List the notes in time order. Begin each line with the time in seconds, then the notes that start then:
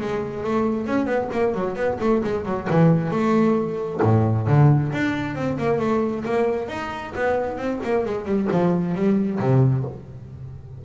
0.00 G#3
0.43 A3
0.86 C#4
1.06 B3
1.32 A#3
1.54 F#3
1.75 B3
2.00 A3
2.23 G#3
2.45 F#3
2.70 E3
3.10 A3
4.02 A2
4.47 D3
4.92 D4
5.35 C4
5.57 A#3
5.79 A3
6.25 A#3
6.68 D#4
7.15 B3
7.57 C4
7.83 A#3
8.05 G#3
8.25 G3
8.51 F3
8.94 G3
9.39 C3